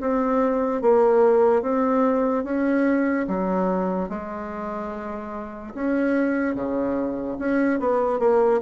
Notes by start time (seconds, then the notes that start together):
0.00 C4
0.81 A#3
1.62 C4
2.44 C#4
3.28 F#3
4.09 G#3
5.74 C#4
6.55 C#3
7.39 C#4
7.79 B3
8.19 A#3